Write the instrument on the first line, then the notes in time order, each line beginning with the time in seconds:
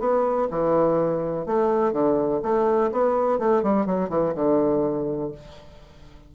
bassoon
0.00 B3
0.51 E3
1.46 A3
1.93 D3
2.43 A3
2.92 B3
3.39 A3
3.63 G3
3.86 F#3
4.10 E3
4.35 D3